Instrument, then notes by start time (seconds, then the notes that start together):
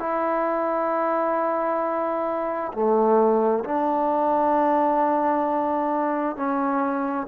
trombone
0.00 E4
2.74 A3
3.64 D4
6.36 C#4